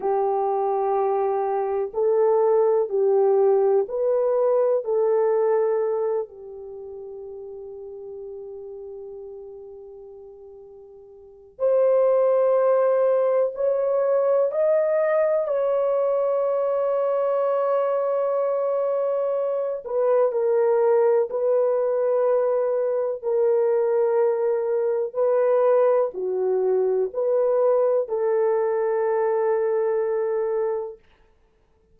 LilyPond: \new Staff \with { instrumentName = "horn" } { \time 4/4 \tempo 4 = 62 g'2 a'4 g'4 | b'4 a'4. g'4.~ | g'1 | c''2 cis''4 dis''4 |
cis''1~ | cis''8 b'8 ais'4 b'2 | ais'2 b'4 fis'4 | b'4 a'2. | }